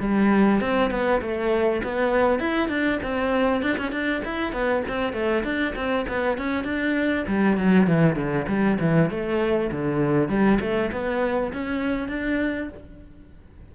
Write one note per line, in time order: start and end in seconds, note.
0.00 0.61 G3
0.61 0.91 C4
0.91 1.21 B3
1.21 1.82 A3
1.83 2.39 B3
2.39 2.69 E4
2.69 2.99 D4
3.03 3.62 C4
3.62 3.77 D4
3.78 3.91 C#4
3.91 4.22 D4
4.25 4.53 E4
4.53 4.83 B3
4.88 5.13 C4
5.13 5.43 A3
5.44 5.74 D4
5.75 6.06 C4
6.08 6.38 B3
6.38 6.64 C#4
6.64 7.25 D4
7.28 7.57 G3
7.57 7.87 F#3
7.87 8.16 E3
8.16 8.46 D3
8.48 8.78 G3
8.80 9.10 E3
9.10 9.71 A3
9.71 10.28 D3
10.28 10.59 G3
10.61 10.91 A3
10.92 11.52 B3
11.53 12.08 C#4
12.08 12.69 D4